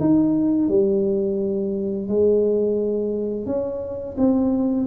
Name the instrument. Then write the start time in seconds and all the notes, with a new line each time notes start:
tuba
0.00 D#4
0.68 G3
2.08 G#3
3.46 C#4
4.18 C4